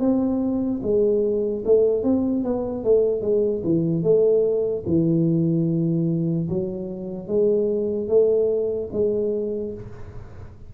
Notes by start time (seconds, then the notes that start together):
0.00 C4
0.83 G#3
1.65 A3
2.03 C4
2.44 B3
2.84 A3
3.22 G#3
3.64 E3
4.03 A3
4.86 E3
6.49 F#3
7.28 G#3
8.09 A3
8.93 G#3